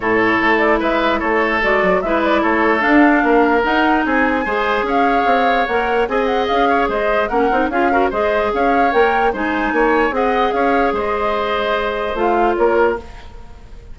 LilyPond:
<<
  \new Staff \with { instrumentName = "flute" } { \time 4/4 \tempo 4 = 148 cis''4. d''8 e''4 cis''4 | d''4 e''8 d''8 cis''4 f''4~ | f''4 fis''4 gis''2 | f''2 fis''4 gis''8 fis''8 |
f''4 dis''4 fis''4 f''4 | dis''4 f''4 g''4 gis''4~ | gis''4 fis''4 f''4 dis''4~ | dis''2 f''4 cis''4 | }
  \new Staff \with { instrumentName = "oboe" } { \time 4/4 a'2 b'4 a'4~ | a'4 b'4 a'2 | ais'2 gis'4 c''4 | cis''2. dis''4~ |
dis''8 cis''8 c''4 ais'4 gis'8 ais'8 | c''4 cis''2 c''4 | cis''4 dis''4 cis''4 c''4~ | c''2. ais'4 | }
  \new Staff \with { instrumentName = "clarinet" } { \time 4/4 e'1 | fis'4 e'2 d'4~ | d'4 dis'2 gis'4~ | gis'2 ais'4 gis'4~ |
gis'2 cis'8 dis'8 f'8 fis'8 | gis'2 ais'4 dis'4~ | dis'4 gis'2.~ | gis'2 f'2 | }
  \new Staff \with { instrumentName = "bassoon" } { \time 4/4 a,4 a4 gis4 a4 | gis8 fis8 gis4 a4 d'4 | ais4 dis'4 c'4 gis4 | cis'4 c'4 ais4 c'4 |
cis'4 gis4 ais8 c'8 cis'4 | gis4 cis'4 ais4 gis4 | ais4 c'4 cis'4 gis4~ | gis2 a4 ais4 | }
>>